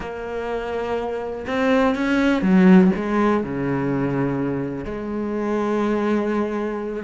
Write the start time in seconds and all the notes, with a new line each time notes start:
0.00 A#3
1.46 C4
1.95 C#4
2.41 F#3
2.95 G#3
3.43 C#3
4.84 G#3